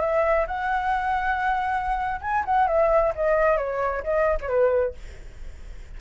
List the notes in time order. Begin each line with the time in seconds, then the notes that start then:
0.00 E5
0.47 F#5
2.21 G#5
2.45 F#5
2.67 E5
3.15 D#5
3.57 C#5
4.03 D#5
4.41 C#5
4.48 B4